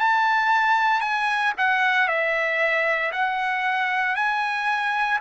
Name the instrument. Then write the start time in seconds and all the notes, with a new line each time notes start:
trumpet
0.00 A5
1.01 G#5
1.58 F#5
2.08 E5
3.12 F#5
4.16 G#5